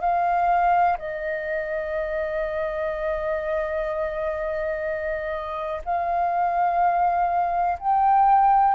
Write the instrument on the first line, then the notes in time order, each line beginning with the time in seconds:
flute
0.00 F5
0.98 D#5
5.84 F5
7.79 G5